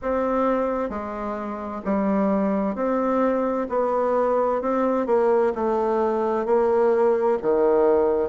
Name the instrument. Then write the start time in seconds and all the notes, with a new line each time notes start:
bassoon
0.02 C4
0.89 G#3
1.85 G3
2.75 C4
3.69 B3
4.62 C4
5.06 A#3
5.55 A3
6.45 A#3
7.41 D#3